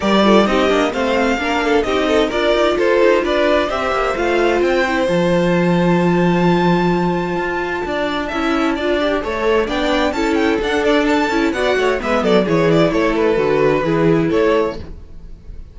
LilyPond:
<<
  \new Staff \with { instrumentName = "violin" } { \time 4/4 \tempo 4 = 130 d''4 dis''4 f''2 | dis''4 d''4 c''4 d''4 | e''4 f''4 g''4 a''4~ | a''1~ |
a''1~ | a''4 g''4 a''8 g''8 fis''8 d''8 | a''4 fis''4 e''8 d''8 cis''8 d''8 | cis''8 b'2~ b'8 cis''4 | }
  \new Staff \with { instrumentName = "violin" } { \time 4/4 ais'8 a'8 g'4 c''4 ais'8 a'8 | g'8 a'8 ais'4 a'4 b'4 | c''1~ | c''1~ |
c''4 d''4 e''4 d''4 | cis''4 d''4 a'2~ | a'4 d''8 cis''8 b'8 a'8 gis'4 | a'2 gis'4 a'4 | }
  \new Staff \with { instrumentName = "viola" } { \time 4/4 g'8 f'8 dis'8 d'8 c'4 d'4 | dis'4 f'2. | g'4 f'4. e'8 f'4~ | f'1~ |
f'2 e'4 f'8 g'8 | a'4 d'4 e'4 d'4~ | d'8 e'8 fis'4 b4 e'4~ | e'4 fis'4 e'2 | }
  \new Staff \with { instrumentName = "cello" } { \time 4/4 g4 c'8 ais8 a4 ais4 | c'4 d'8 dis'8 f'8 dis'8 d'4 | c'8 ais8 a4 c'4 f4~ | f1 |
f'4 d'4 cis'4 d'4 | a4 b4 cis'4 d'4~ | d'8 cis'8 b8 a8 gis8 fis8 e4 | a4 d4 e4 a4 | }
>>